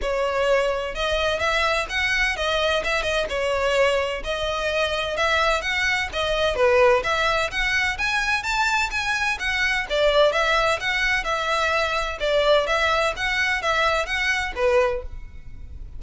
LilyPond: \new Staff \with { instrumentName = "violin" } { \time 4/4 \tempo 4 = 128 cis''2 dis''4 e''4 | fis''4 dis''4 e''8 dis''8 cis''4~ | cis''4 dis''2 e''4 | fis''4 dis''4 b'4 e''4 |
fis''4 gis''4 a''4 gis''4 | fis''4 d''4 e''4 fis''4 | e''2 d''4 e''4 | fis''4 e''4 fis''4 b'4 | }